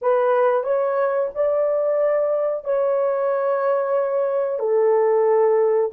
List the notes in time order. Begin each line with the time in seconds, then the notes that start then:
0.01 B4
0.63 C#5
1.34 D5
2.64 C#5
4.59 A4